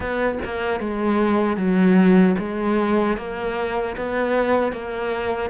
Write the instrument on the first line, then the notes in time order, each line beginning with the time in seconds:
cello
0.00 B3
0.44 A#3
0.80 G#3
1.56 F#3
2.38 G#3
3.17 A#3
3.96 B3
4.72 A#3